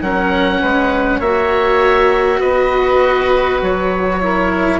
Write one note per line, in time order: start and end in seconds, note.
0.00 0.60 F#3
0.00 1.22 C#4
0.00 0.61 A#4
0.00 1.20 F#5
0.61 1.20 G#3
0.61 1.19 B4
1.19 2.40 A#3
1.19 4.20 F#4
1.19 2.39 C#5
1.19 2.40 E5
2.39 3.61 B3
2.39 4.19 B4
2.39 3.60 D#5
3.61 4.79 F#3
3.61 4.79 C#5
4.20 4.79 E4
4.20 4.79 A#4